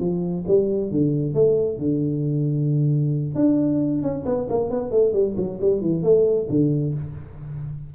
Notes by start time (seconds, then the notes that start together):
0.00 F3
0.47 G3
0.91 D3
1.34 A3
1.78 D3
3.35 D4
4.02 C#4
4.26 B3
4.50 A#3
4.70 B3
4.91 A3
5.13 G3
5.37 F#3
5.61 G3
5.81 E3
6.03 A3
6.49 D3